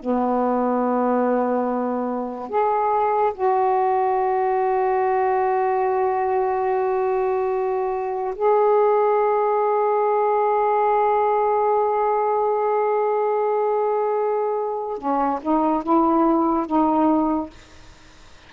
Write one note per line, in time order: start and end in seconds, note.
0.00 2.50 B3
2.50 3.33 G#4
3.35 8.35 F#4
8.36 14.98 G#4
14.98 15.40 C#4
15.42 15.83 D#4
15.83 16.67 E4
16.67 17.50 D#4